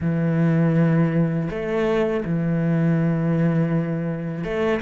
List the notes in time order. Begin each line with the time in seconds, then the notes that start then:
0.00 E3
1.49 A3
2.24 E3
4.43 A3